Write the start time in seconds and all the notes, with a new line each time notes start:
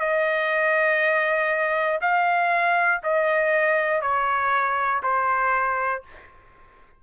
0.00 D#5
2.02 F5
3.03 D#5
4.02 C#5
5.03 C5